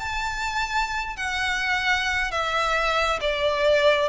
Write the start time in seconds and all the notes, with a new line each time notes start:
0.00 A5
1.17 F#5
2.32 E5
3.21 D5